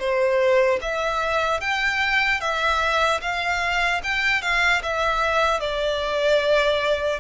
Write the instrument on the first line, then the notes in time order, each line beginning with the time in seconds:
violin
0.00 C5
0.82 E5
1.61 G5
2.41 E5
3.22 F5
4.04 G5
4.42 F5
4.83 E5
5.60 D5